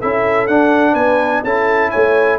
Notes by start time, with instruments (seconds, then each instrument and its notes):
0.00 tuba C#4, trombone E4, horn A4, trumpet E5
0.47 tuba D4, trombone D4, trumpet F#5
0.92 tuba B3, horn B4, trumpet G#5
1.43 tuba C#4, trombone E4, horn A4, trumpet A5
1.90 tuba A3, horn C#5, trumpet G#5